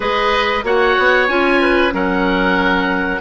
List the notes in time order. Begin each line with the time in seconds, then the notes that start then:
0.00 G#3 G#4 B4 D#5
0.63 A#3 F#4 C#5 F#5
0.98 B3
1.28 C#4 F4 G#5
1.61 B4
1.91 F#3 C#4 A#4 F#5